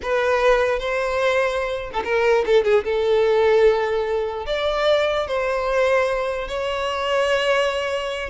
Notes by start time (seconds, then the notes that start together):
0.02 B4
0.79 C5
1.93 A4
2.04 A#4
2.46 A4
2.64 G#4
2.84 A4
4.46 D5
5.27 C5
6.48 C#5